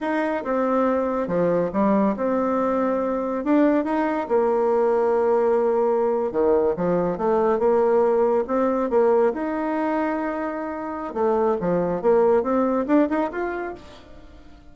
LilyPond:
\new Staff \with { instrumentName = "bassoon" } { \time 4/4 \tempo 4 = 140 dis'4 c'2 f4 | g4 c'2. | d'4 dis'4 ais2~ | ais2~ ais8. dis4 f16~ |
f8. a4 ais2 c'16~ | c'8. ais4 dis'2~ dis'16~ | dis'2 a4 f4 | ais4 c'4 d'8 dis'8 f'4 | }